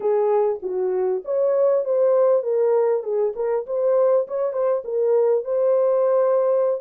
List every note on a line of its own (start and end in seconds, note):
0.00 0.59 G#4
0.62 1.23 F#4
1.24 1.84 C#5
1.84 2.42 C5
2.42 3.03 A#4
3.03 3.33 G#4
3.35 3.66 A#4
3.66 4.27 C5
4.27 4.52 C#5
4.52 4.83 C5
4.84 5.44 A#4
5.44 6.80 C5